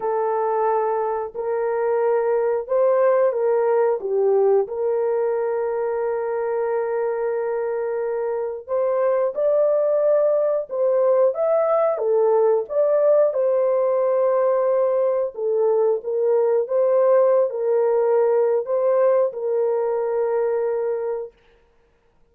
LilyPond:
\new Staff \with { instrumentName = "horn" } { \time 4/4 \tempo 4 = 90 a'2 ais'2 | c''4 ais'4 g'4 ais'4~ | ais'1~ | ais'4 c''4 d''2 |
c''4 e''4 a'4 d''4 | c''2. a'4 | ais'4 c''4~ c''16 ais'4.~ ais'16 | c''4 ais'2. | }